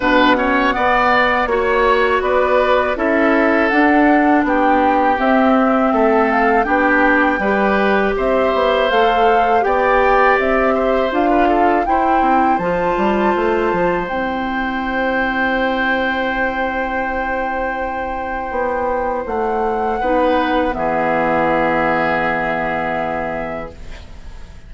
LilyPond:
<<
  \new Staff \with { instrumentName = "flute" } { \time 4/4 \tempo 4 = 81 fis''2 cis''4 d''4 | e''4 fis''4 g''4 e''4~ | e''8 f''8 g''2 e''4 | f''4 g''4 e''4 f''4 |
g''4 a''2 g''4~ | g''1~ | g''2 fis''2 | e''1 | }
  \new Staff \with { instrumentName = "oboe" } { \time 4/4 b'8 cis''8 d''4 cis''4 b'4 | a'2 g'2 | a'4 g'4 b'4 c''4~ | c''4 d''4. c''8. b'16 a'8 |
c''1~ | c''1~ | c''2. b'4 | gis'1 | }
  \new Staff \with { instrumentName = "clarinet" } { \time 4/4 d'8 cis'8 b4 fis'2 | e'4 d'2 c'4~ | c'4 d'4 g'2 | a'4 g'2 f'4 |
e'4 f'2 e'4~ | e'1~ | e'2. dis'4 | b1 | }
  \new Staff \with { instrumentName = "bassoon" } { \time 4/4 b,4 b4 ais4 b4 | cis'4 d'4 b4 c'4 | a4 b4 g4 c'8 b8 | a4 b4 c'4 d'4 |
e'8 c'8 f8 g8 a8 f8 c'4~ | c'1~ | c'4 b4 a4 b4 | e1 | }
>>